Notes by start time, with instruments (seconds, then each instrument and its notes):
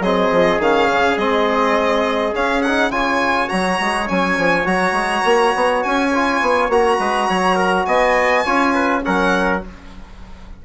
0.00 bassoon F#3, trombone C4, trumpet G#4, violin D#5
0.32 bassoon F3
0.59 bassoon D#3, trombone C#4, violin F5
0.89 bassoon C#3
1.17 bassoon G#3, trombone C4, violin D#5
2.33 trombone C#4, bassoon C#4, violin F5
2.62 trombone D#4, violin F#5
2.91 bassoon C#3, trombone F4, trumpet C#5, violin G#5
3.48 bassoon F#3, trombone F#4, violin A#5
3.80 bassoon G#3
4.07 bassoon F#3, trombone C#4, violin G#5
4.38 bassoon F3
4.65 bassoon F#3, trombone F#4, violin A#5
4.92 bassoon G#3
5.25 bassoon A#3
5.55 bassoon B3
5.83 bassoon C#4, violin G#5
6.15 trombone F4
6.41 bassoon B3
6.69 bassoon A#3, trombone F#4, violin A#5
6.99 bassoon G#3, trumpet B4
7.29 bassoon F#3, trumpet C#5
7.56 trumpet A#4
7.86 bassoon B3, trumpet D#5, violin G#5
8.45 bassoon C#4, trombone F4, trumpet C#5
8.75 trumpet B4
9.03 bassoon F#3, trombone C#4, trumpet A#4, violin F#5